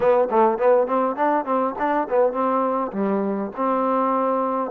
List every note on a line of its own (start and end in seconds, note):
0.00 0.28 B3
0.30 0.58 A3
0.58 0.87 B3
0.87 1.16 C4
1.16 1.45 D4
1.45 1.74 C4
1.78 2.08 D4
2.09 2.32 B3
2.32 2.91 C4
2.92 3.51 G3
3.56 4.71 C4